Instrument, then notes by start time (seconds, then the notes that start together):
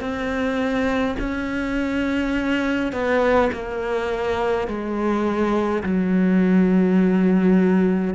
cello
0.00 C4
1.19 C#4
2.92 B3
3.52 A#3
4.67 G#3
5.83 F#3